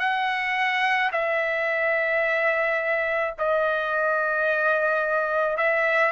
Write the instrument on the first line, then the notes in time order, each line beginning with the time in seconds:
trumpet
0.00 F#5
1.13 E5
3.39 D#5
5.58 E5